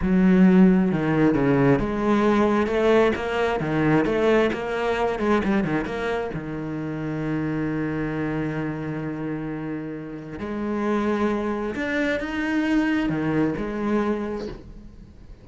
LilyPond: \new Staff \with { instrumentName = "cello" } { \time 4/4 \tempo 4 = 133 fis2 dis4 cis4 | gis2 a4 ais4 | dis4 a4 ais4. gis8 | g8 dis8 ais4 dis2~ |
dis1~ | dis2. gis4~ | gis2 d'4 dis'4~ | dis'4 dis4 gis2 | }